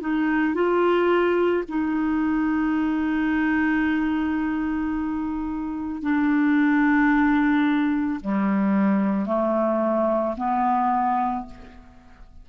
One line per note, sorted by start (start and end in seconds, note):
0.00 0.54 D#4
0.54 1.63 F4
1.68 6.01 D#4
6.01 8.20 D4
8.20 9.26 G3
9.26 10.35 A3
10.36 11.45 B3